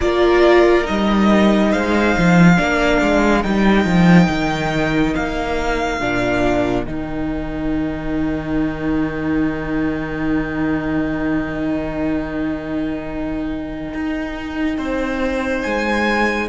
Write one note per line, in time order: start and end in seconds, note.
0.01 0.88 A#3
0.01 0.84 F4
0.01 1.70 A#4
0.01 0.86 D5
0.84 1.73 G3
0.84 2.55 D#4
0.84 1.72 D#5
1.70 2.16 G#3
1.70 2.56 C5
1.70 3.42 F5
2.17 2.59 F3
2.56 3.01 A#3
2.56 3.41 D4
2.56 14.77 A#4
3.01 3.44 G#3
3.42 3.84 G3
3.42 6.00 D#4
3.42 5.14 G5
3.84 4.27 F3
4.28 5.14 D#3
5.14 6.00 A#3
5.14 6.83 F5
6.00 6.85 A#2
6.00 6.85 D4
6.83 13.93 D#3
6.83 16.48 D#4
6.83 15.62 G5
13.94 14.77 D#4
14.77 15.63 C4
14.77 16.48 C5
15.62 16.48 G#3
15.62 16.48 G#5